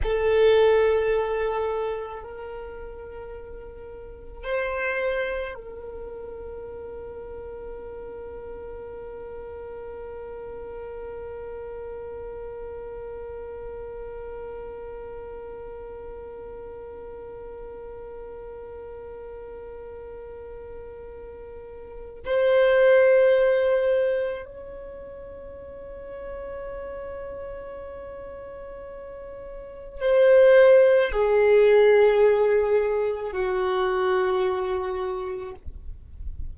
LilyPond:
\new Staff \with { instrumentName = "violin" } { \time 4/4 \tempo 4 = 54 a'2 ais'2 | c''4 ais'2.~ | ais'1~ | ais'1~ |
ais'1 | c''2 cis''2~ | cis''2. c''4 | gis'2 fis'2 | }